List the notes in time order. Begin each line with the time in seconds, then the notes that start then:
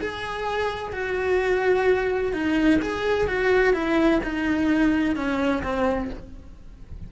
0.00 G#4
0.92 F#4
2.33 D#4
2.81 G#4
3.27 F#4
3.73 E4
4.23 D#4
5.15 C#4
5.62 C4